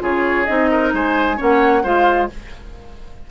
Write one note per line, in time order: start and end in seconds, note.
0.00 0.47 C#3
0.00 0.45 F4
0.00 0.71 G#4
0.00 0.45 C#5
0.45 0.93 C4
0.45 1.37 D#4
0.45 0.91 D#5
0.71 0.94 A#4
0.93 1.39 G#3
0.93 1.37 C5
0.93 1.40 G#5
1.37 1.84 A#3
1.37 1.83 C#4
1.37 1.83 C#5
1.37 1.85 F#5
1.83 2.30 G#3
1.83 2.29 F4
1.83 2.28 C5
1.83 2.31 F5